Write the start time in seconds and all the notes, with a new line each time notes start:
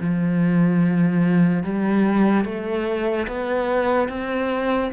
0.00 F3
1.64 G3
2.45 A3
3.28 B3
4.08 C4